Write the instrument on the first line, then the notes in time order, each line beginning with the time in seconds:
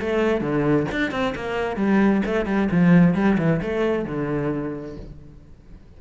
cello
0.00 A3
0.41 D3
0.91 D4
1.11 C4
1.35 A#3
1.76 G3
2.25 A3
2.45 G3
2.71 F3
3.14 G3
3.38 E3
3.62 A3
4.05 D3